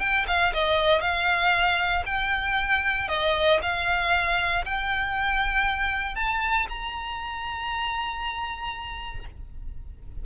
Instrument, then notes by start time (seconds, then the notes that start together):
violin
0.00 G5
0.27 F5
0.53 D#5
1.01 F5
2.06 G5
3.08 D#5
3.62 F5
4.65 G5
6.15 A5
6.69 A#5